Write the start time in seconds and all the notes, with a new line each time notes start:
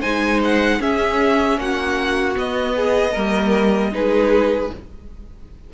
0.00 G#3 D#4 C5 G#5
0.44 F#5
0.80 C#4 G#4 E5
1.57 A#3 F#4 F#5
2.35 B3 D#5
2.76 G#4
3.12 G3 A#3 A#4
3.92 G#3 D#4 G#4 B4